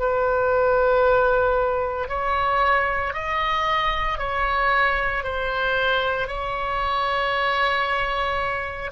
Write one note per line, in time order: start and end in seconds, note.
0.00 2.09 B4
2.09 3.14 C#5
3.14 4.19 D#5
4.19 5.24 C#5
5.24 6.28 C5
6.28 8.91 C#5